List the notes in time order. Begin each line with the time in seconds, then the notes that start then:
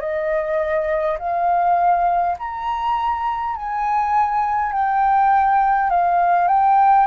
0.00 D#5
1.19 F5
2.39 A#5
3.56 G#5
4.73 G5
5.90 F5
6.48 G5